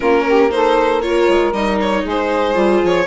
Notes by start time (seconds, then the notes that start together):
0.00 A#3 C#4 F4 A#4
0.28 G4
0.49 D#4 A4 C5
1.01 F4 A#4 C#5
1.28 G#3
1.52 G3 D#4 D#5
1.80 C#5
2.03 G#3 G#4
2.10 C5
2.54 G3 F4
2.83 F3 C#5